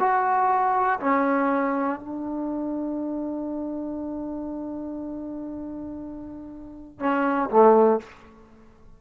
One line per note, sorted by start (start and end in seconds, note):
0.00 1.00 F#4
1.00 2.00 C#4
2.00 7.00 D4
7.00 7.50 C#4
7.50 8.00 A3